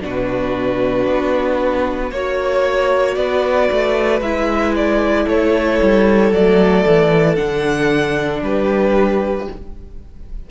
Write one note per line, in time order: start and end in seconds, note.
0.00 1.06 B2
0.00 2.11 D4
0.00 2.12 F#4
0.00 2.11 B4
1.06 2.11 B3
2.11 3.16 A#3
2.11 4.23 F#4
2.11 3.15 C#5
2.11 3.18 C#5
3.15 3.69 B3
3.15 5.24 B4
3.15 4.20 D5
3.71 4.20 A3
4.20 5.26 G#3
4.20 6.33 E4
4.20 4.74 E5
4.75 5.28 D5
5.24 5.80 A3
5.24 8.39 A4
5.24 6.32 C#5
5.82 6.31 G3
6.31 6.84 F#3
6.31 7.36 A3
6.31 7.35 D5
6.86 7.39 E3
7.35 8.41 D3
7.35 9.46 D4
7.35 8.41 F#5
8.41 9.47 G3
8.41 9.50 G4
8.41 9.48 B4